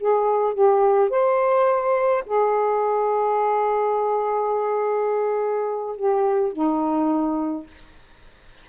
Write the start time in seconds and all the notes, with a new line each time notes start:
0.00 G#4
0.54 G4
1.10 C5
2.26 G#4
5.96 G4
6.52 D#4